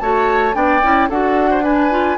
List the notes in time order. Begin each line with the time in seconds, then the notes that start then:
0.00 A3 F#4 C#5 A5
0.53 B3 D4 D5 G5
0.83 C#4 E4
1.09 D4 F#4 A4 F#5
1.50 C5
1.63 D4 B4 G#5
1.90 F4